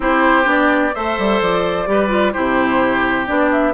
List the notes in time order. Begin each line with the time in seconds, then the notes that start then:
0.00 C4 E4 G4 C5
0.44 B3 D4 D5
0.94 A3 A4 C5 E5
1.18 G3
1.41 F3 D5
1.86 G3 G4 B4
2.08 F4
2.32 C3 E4 G4 C5
3.26 B3 D4 D5
3.51 E5